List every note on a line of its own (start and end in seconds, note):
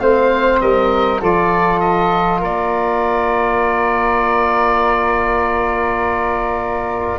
0.00 0.61 A3
0.00 1.21 C4
0.00 0.62 C5
0.00 0.60 F5
0.61 1.22 G3
0.61 1.22 A#4
0.61 1.21 D#5
1.22 2.42 F3
1.22 7.19 F4
1.22 2.40 A4
1.22 1.80 D5
1.80 2.40 D#5
2.40 7.19 A#3
2.40 7.19 A#4
2.40 7.19 D5